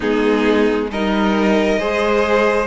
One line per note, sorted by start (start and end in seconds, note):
0.00 0.90 G#3
0.00 0.90 B3
0.00 0.88 D#4
0.00 0.90 G#4
0.90 1.79 G3
0.90 1.79 D#4
0.90 1.79 A#4
0.90 2.66 D#5
1.79 2.66 G#3
1.79 2.66 G#4
1.79 2.66 C5